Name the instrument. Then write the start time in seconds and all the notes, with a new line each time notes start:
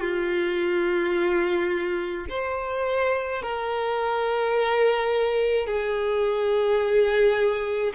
violin
0.00 F4
2.30 C5
3.43 A#4
5.67 G#4